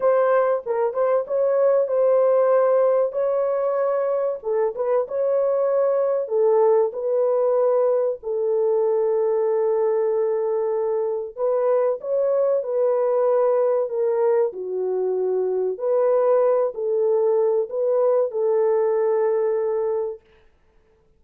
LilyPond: \new Staff \with { instrumentName = "horn" } { \time 4/4 \tempo 4 = 95 c''4 ais'8 c''8 cis''4 c''4~ | c''4 cis''2 a'8 b'8 | cis''2 a'4 b'4~ | b'4 a'2.~ |
a'2 b'4 cis''4 | b'2 ais'4 fis'4~ | fis'4 b'4. a'4. | b'4 a'2. | }